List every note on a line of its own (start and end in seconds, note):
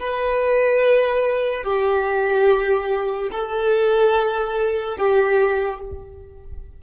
0.00 1.64 B4
1.64 3.31 G4
3.32 4.98 A4
4.98 5.81 G4